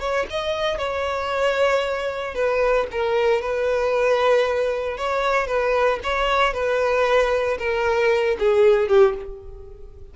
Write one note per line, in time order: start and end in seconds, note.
0.00 0.26 C#5
0.30 0.78 D#5
0.78 2.34 C#5
2.35 2.87 B4
2.91 3.42 A#4
3.42 4.98 B4
4.98 5.47 C#5
5.47 5.99 B4
6.03 6.53 C#5
6.53 7.58 B4
7.58 8.37 A#4
8.39 8.88 G#4
8.88 9.14 G4